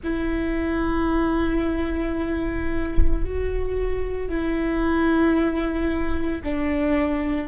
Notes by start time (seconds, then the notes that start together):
0.03 E4
3.24 F#4
4.28 E4
6.43 D4